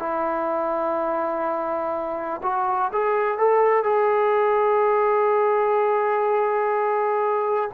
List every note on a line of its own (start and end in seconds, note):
0.00 2.42 E4
2.43 2.92 F#4
2.93 3.39 G#4
3.39 3.84 A4
3.84 7.71 G#4